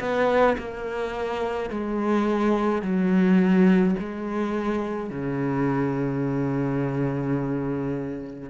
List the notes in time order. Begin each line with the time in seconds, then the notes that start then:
0.00 B3
0.58 A#3
1.70 G#3
2.83 F#3
3.99 G#3
5.10 C#3